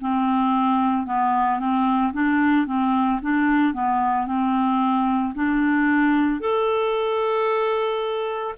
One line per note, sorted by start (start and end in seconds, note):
0.00 1.06 C4
1.06 1.59 B3
1.59 2.12 C4
2.13 2.66 D4
2.66 3.20 C4
3.21 3.74 D4
3.74 4.26 B3
4.26 5.33 C4
5.34 6.40 D4
6.40 8.54 A4